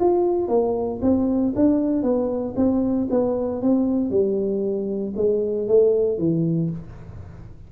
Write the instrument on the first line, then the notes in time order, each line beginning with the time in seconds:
tuba
0.00 F4
0.48 A#3
1.02 C4
1.55 D4
2.02 B3
2.56 C4
3.10 B3
3.62 C4
4.10 G3
5.16 G#3
5.68 A3
6.18 E3